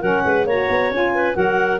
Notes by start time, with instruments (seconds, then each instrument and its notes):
0.00 tuba F#3, saxophone C#4, clarinet A#4 F#5
0.25 tuba G#3, clarinet B4
0.46 tuba A#3, saxophone F#4, clarinet C#5 A#5
0.69 tuba B3
0.90 tuba C#4, saxophone F4, clarinet G#5
1.14 clarinet B4
1.33 tuba F#3, saxophone F#4, clarinet A#4 F#5